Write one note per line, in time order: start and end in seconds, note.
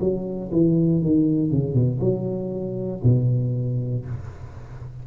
0.00 0.51 F#3
0.52 1.02 E3
1.02 1.51 D#3
1.51 1.74 C#3
1.74 2.00 B2
2.00 3.02 F#3
3.04 4.05 B2